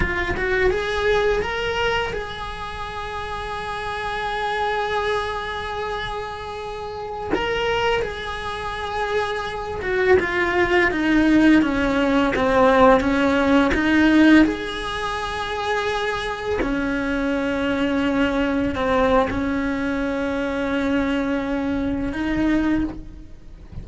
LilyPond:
\new Staff \with { instrumentName = "cello" } { \time 4/4 \tempo 4 = 84 f'8 fis'8 gis'4 ais'4 gis'4~ | gis'1~ | gis'2~ gis'16 ais'4 gis'8.~ | gis'4.~ gis'16 fis'8 f'4 dis'8.~ |
dis'16 cis'4 c'4 cis'4 dis'8.~ | dis'16 gis'2. cis'8.~ | cis'2~ cis'16 c'8. cis'4~ | cis'2. dis'4 | }